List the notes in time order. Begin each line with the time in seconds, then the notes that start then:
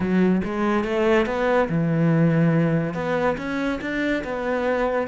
0.00 F#3
0.44 G#3
0.84 A3
1.26 B3
1.69 E3
2.94 B3
3.37 C#4
3.81 D4
4.23 B3